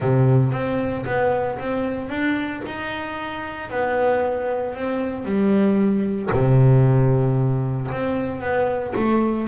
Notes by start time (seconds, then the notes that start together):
0.00 C3
0.52 C4
1.05 B3
1.59 C4
2.09 D4
2.66 D#4
3.70 B3
4.75 C4
5.24 G3
6.32 C3
7.91 C4
8.40 B3
8.95 A3